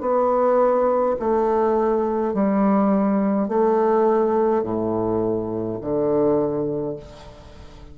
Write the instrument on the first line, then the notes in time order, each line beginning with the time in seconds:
bassoon
0.00 B3
1.19 A3
2.34 G3
3.48 A3
4.63 A2
5.81 D3